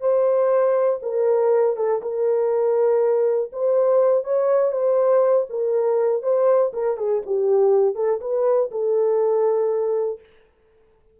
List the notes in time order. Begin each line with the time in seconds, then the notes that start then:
0.00 C5
1.02 A#4
1.76 A4
2.02 A#4
3.52 C5
4.24 C#5
4.72 C5
5.49 A#4
6.22 C5
6.73 A#4
6.97 G#4
7.26 G4
7.95 A4
8.20 B4
8.71 A4